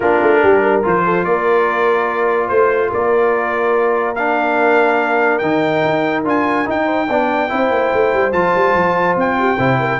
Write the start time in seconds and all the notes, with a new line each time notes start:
0.00 A#3 D4 F4 A#4
0.22 A3
0.41 G3 G4
0.62 A#4
0.82 F3 F4 C5
1.04 A4
1.24 A#3 A#4 D5
2.47 A3 C5
2.90 A#3 A#4 D5
4.15 D4 F5
5.38 D#3 D#4 G5
5.84 D#4
6.24 D4 F4 G#5
6.65 D#4 G5
6.84 C5
7.09 B3 D4 D5
7.48 C4 E4 C5
7.70 A#3
7.93 A3
8.13 G3
8.32 F3 F4 A5
8.55 G3
8.74 F3
9.16 C4 G5
9.38 G4
9.56 C3 E4 C5
9.79 A#4